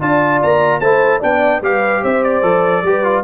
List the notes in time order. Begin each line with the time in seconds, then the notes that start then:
0.00 D4 F4 D5 A5
0.42 A#3 A#5
0.80 A3 E4 C5 A5
1.19 B3 D4 D5 G5
1.61 G3 G4 B4 F5
2.02 C4 C5 E5
2.23 D5
2.42 F3 A4
2.83 G3 G4 B4
3.03 F4